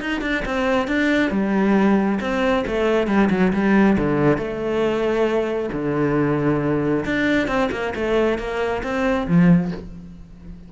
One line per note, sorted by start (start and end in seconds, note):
0.00 0.21 D#4
0.21 0.43 D4
0.45 0.88 C4
0.88 1.31 D4
1.31 2.19 G3
2.20 2.64 C4
2.67 3.07 A3
3.07 3.29 G3
3.30 3.52 F#3
3.53 3.97 G3
3.98 4.37 D3
4.37 5.70 A3
5.72 7.04 D3
7.05 7.48 D4
7.48 7.70 C4
7.71 7.93 A#3
7.95 8.38 A3
8.38 8.82 A#3
8.83 9.27 C4
9.27 9.72 F3